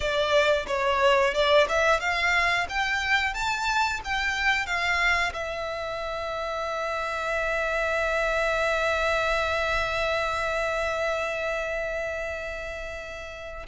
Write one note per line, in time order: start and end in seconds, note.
0.00 0.65 D5
0.67 1.33 C#5
1.34 1.67 D5
1.68 2.00 E5
2.00 2.66 F5
2.69 3.33 G5
3.33 4.00 A5
4.04 4.66 G5
4.66 5.32 F5
5.33 13.66 E5